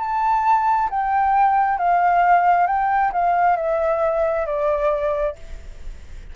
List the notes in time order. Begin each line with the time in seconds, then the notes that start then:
0.00 A5
0.90 G5
1.78 F5
2.67 G5
3.13 F5
3.57 E5
4.47 D5